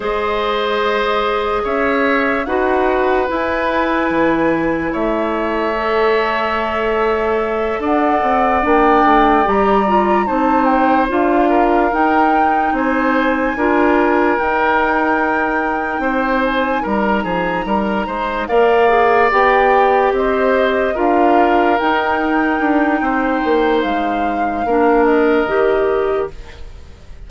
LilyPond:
<<
  \new Staff \with { instrumentName = "flute" } { \time 4/4 \tempo 4 = 73 dis''2 e''4 fis''4 | gis''2 e''2~ | e''4. fis''4 g''4 ais''8~ | ais''8 a''8 g''8 f''4 g''4 gis''8~ |
gis''4. g''2~ g''8 | gis''8 ais''2 f''4 g''8~ | g''8 dis''4 f''4 g''4.~ | g''4 f''4. dis''4. | }
  \new Staff \with { instrumentName = "oboe" } { \time 4/4 c''2 cis''4 b'4~ | b'2 cis''2~ | cis''4. d''2~ d''8~ | d''8 c''4. ais'4. c''8~ |
c''8 ais'2. c''8~ | c''8 ais'8 gis'8 ais'8 c''8 d''4.~ | d''8 c''4 ais'2~ ais'8 | c''2 ais'2 | }
  \new Staff \with { instrumentName = "clarinet" } { \time 4/4 gis'2. fis'4 | e'2. a'4~ | a'2~ a'8 d'4 g'8 | f'8 dis'4 f'4 dis'4.~ |
dis'8 f'4 dis'2~ dis'8~ | dis'2~ dis'8 ais'8 gis'8 g'8~ | g'4. f'4 dis'4.~ | dis'2 d'4 g'4 | }
  \new Staff \with { instrumentName = "bassoon" } { \time 4/4 gis2 cis'4 dis'4 | e'4 e4 a2~ | a4. d'8 c'8 ais8 a8 g8~ | g8 c'4 d'4 dis'4 c'8~ |
c'8 d'4 dis'2 c'8~ | c'8 g8 f8 g8 gis8 ais4 b8~ | b8 c'4 d'4 dis'4 d'8 | c'8 ais8 gis4 ais4 dis4 | }
>>